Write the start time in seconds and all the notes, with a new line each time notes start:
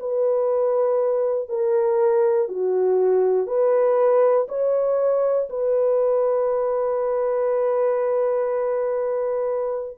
0.00 B4
1.49 A#4
2.49 F#4
3.47 B4
4.49 C#5
5.50 B4